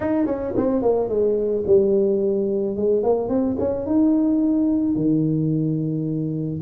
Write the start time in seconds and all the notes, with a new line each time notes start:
0.00 D#4
0.26 C#4
0.56 C4
0.82 A#3
1.08 G#3
1.66 G3
2.76 G#3
3.03 A#3
3.29 C4
3.59 C#4
3.86 D#4
4.95 D#3